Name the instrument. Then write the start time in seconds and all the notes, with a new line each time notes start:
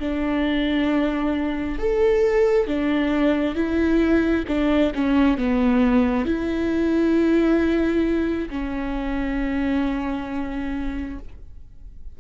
viola
0.00 D4
1.79 A4
2.67 D4
3.55 E4
4.48 D4
4.95 C#4
5.38 B3
6.26 E4
8.50 C#4